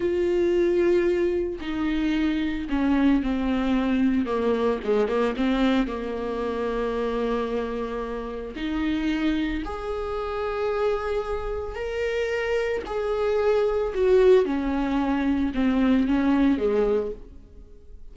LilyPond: \new Staff \with { instrumentName = "viola" } { \time 4/4 \tempo 4 = 112 f'2. dis'4~ | dis'4 cis'4 c'2 | ais4 gis8 ais8 c'4 ais4~ | ais1 |
dis'2 gis'2~ | gis'2 ais'2 | gis'2 fis'4 cis'4~ | cis'4 c'4 cis'4 gis4 | }